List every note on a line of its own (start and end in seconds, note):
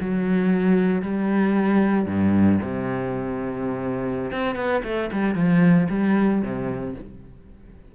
0.00 1.02 F#3
1.02 2.06 G3
2.06 2.58 G2
2.61 4.31 C3
4.31 4.55 C4
4.55 4.82 B3
4.83 5.10 A3
5.12 5.34 G3
5.34 5.87 F3
5.89 6.42 G3
6.42 6.94 C3